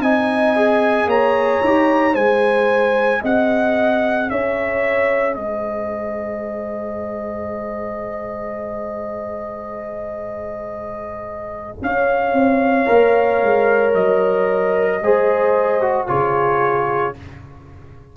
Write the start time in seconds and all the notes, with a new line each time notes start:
0.00 C4 D#4 D#5 G#5
0.56 G#4
1.06 A#3 C#5 A#5
1.64 D#4 G4
2.13 G#3 G#4 C5 G#5
3.21 C4 D#5 F#5
4.30 C#4 C#5 E5
5.34 G#3 C5 D#5
11.81 C#4 C#5 F5
12.33 C4
12.86 A#3 A#4
13.42 G#3
13.94 F#3 D#5
15.02 G#3 G#4 C5
15.81 F#4
16.07 C#3 F4 G#4 C#5